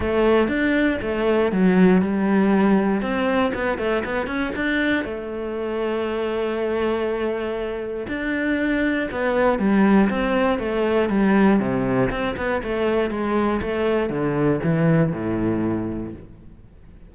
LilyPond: \new Staff \with { instrumentName = "cello" } { \time 4/4 \tempo 4 = 119 a4 d'4 a4 fis4 | g2 c'4 b8 a8 | b8 cis'8 d'4 a2~ | a1 |
d'2 b4 g4 | c'4 a4 g4 c4 | c'8 b8 a4 gis4 a4 | d4 e4 a,2 | }